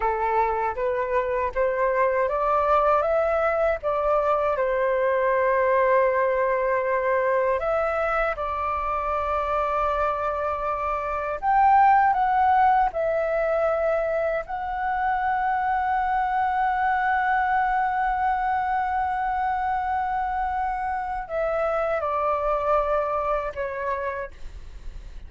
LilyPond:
\new Staff \with { instrumentName = "flute" } { \time 4/4 \tempo 4 = 79 a'4 b'4 c''4 d''4 | e''4 d''4 c''2~ | c''2 e''4 d''4~ | d''2. g''4 |
fis''4 e''2 fis''4~ | fis''1~ | fis''1 | e''4 d''2 cis''4 | }